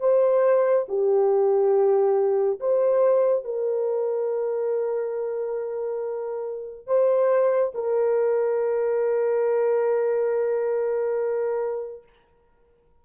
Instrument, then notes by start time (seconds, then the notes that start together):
horn
0.00 C5
0.88 G4
2.60 C5
3.44 A#4
6.86 C5
7.75 A#4